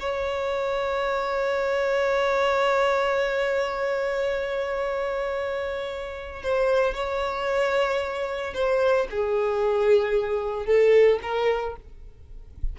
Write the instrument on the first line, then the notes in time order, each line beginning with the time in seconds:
violin
0.00 C#5
6.43 C5
6.94 C#5
8.54 C5
9.11 G#4
10.66 A4
11.23 A#4